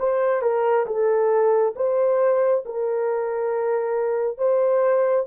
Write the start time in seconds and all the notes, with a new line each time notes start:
0.00 C5
0.42 A#4
0.87 A4
1.76 C5
2.66 A#4
4.38 C5